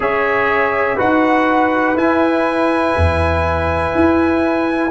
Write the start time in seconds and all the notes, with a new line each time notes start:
0.00 C#4 G#4 C#5 E5
0.96 D#4 F#4 B4 F#5
1.96 E4 G#5
2.96 E2
3.94 E4